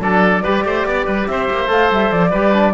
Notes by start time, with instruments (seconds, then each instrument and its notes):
0.00 cello F#3, trombone D4, oboe A4, flute D5
0.43 cello G3, trombone G4, oboe B4
0.64 cello A3, oboe C5
0.86 cello B3, oboe D5
1.06 cello G3, oboe B4
1.27 cello C4, oboe C5, flute E5
1.50 cello A#3
1.67 cello A3, trombone A4, flute F5
1.91 cello G3, flute E5
2.12 cello F3, flute D5
2.31 cello G3, trombone G4, oboe B4
2.53 trombone D4